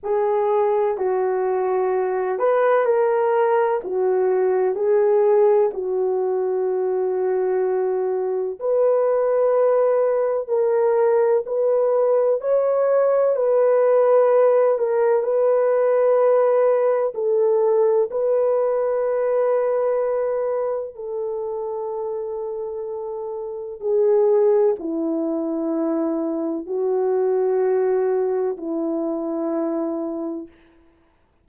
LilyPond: \new Staff \with { instrumentName = "horn" } { \time 4/4 \tempo 4 = 63 gis'4 fis'4. b'8 ais'4 | fis'4 gis'4 fis'2~ | fis'4 b'2 ais'4 | b'4 cis''4 b'4. ais'8 |
b'2 a'4 b'4~ | b'2 a'2~ | a'4 gis'4 e'2 | fis'2 e'2 | }